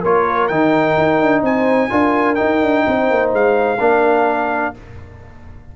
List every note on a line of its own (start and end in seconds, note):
0.00 0.50 A#3
0.00 0.50 F4
0.00 1.42 A#4
0.00 0.47 C#5
0.47 0.97 D#3
0.47 1.90 D#4
0.47 1.42 G5
0.97 1.20 D#4
1.20 1.42 D4
1.42 1.89 C4
1.42 1.90 C5
1.42 2.34 G#5
1.90 2.38 D4
1.90 2.36 F4
1.90 2.84 A#4
2.34 3.77 D#4
2.34 2.62 D#4
2.34 3.29 G5
2.62 2.85 D4
2.87 3.10 C4
2.87 3.80 C5
3.10 3.33 A#3
3.33 3.79 G#3
3.33 4.76 F5
3.79 4.73 A#3
3.79 4.74 D4
3.79 4.74 A#4